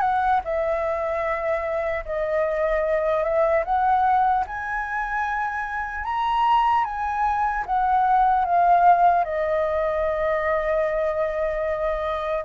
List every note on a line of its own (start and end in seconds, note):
0.00 0.40 F#5
0.44 2.04 E5
2.05 3.23 D#5
3.23 3.63 E5
3.64 4.44 F#5
4.47 6.04 G#5
6.04 6.84 A#5
6.84 7.64 G#5
7.65 8.44 F#5
8.44 9.24 F5
9.24 12.44 D#5